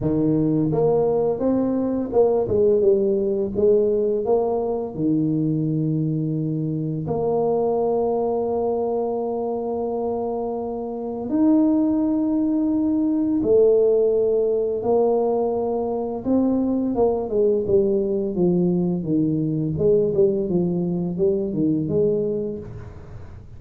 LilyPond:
\new Staff \with { instrumentName = "tuba" } { \time 4/4 \tempo 4 = 85 dis4 ais4 c'4 ais8 gis8 | g4 gis4 ais4 dis4~ | dis2 ais2~ | ais1 |
dis'2. a4~ | a4 ais2 c'4 | ais8 gis8 g4 f4 dis4 | gis8 g8 f4 g8 dis8 gis4 | }